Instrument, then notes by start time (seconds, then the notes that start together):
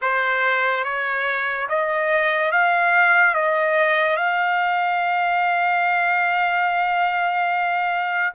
trumpet
0.01 C5
0.84 C#5
1.68 D#5
2.51 F5
3.34 D#5
4.16 F5